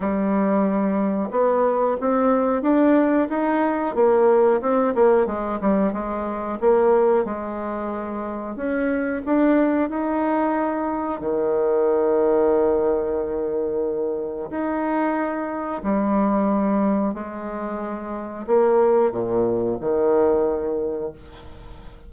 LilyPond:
\new Staff \with { instrumentName = "bassoon" } { \time 4/4 \tempo 4 = 91 g2 b4 c'4 | d'4 dis'4 ais4 c'8 ais8 | gis8 g8 gis4 ais4 gis4~ | gis4 cis'4 d'4 dis'4~ |
dis'4 dis2.~ | dis2 dis'2 | g2 gis2 | ais4 ais,4 dis2 | }